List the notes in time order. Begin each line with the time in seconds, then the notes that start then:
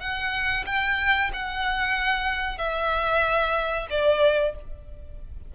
0.00 F#5
0.66 G5
1.33 F#5
2.58 E5
3.90 D5